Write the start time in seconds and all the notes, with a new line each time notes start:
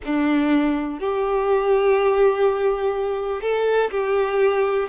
0.04 D4
0.99 G4
3.41 A4
3.90 G4